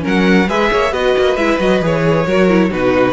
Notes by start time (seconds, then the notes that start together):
0.00 C#4 A#4
0.06 F#3 F#5
0.48 G#3 G#4 B4 E5
0.71 A#3 C#5
0.91 B3 F#4 B4 D#5
1.18 A#3
1.36 G#3 E4 E5
1.59 F#3 F#4 D#5
1.81 E3 G#4 C#5
2.26 F#3 F#4 A#4
2.49 E4
2.70 B2 D#4 F#4 B4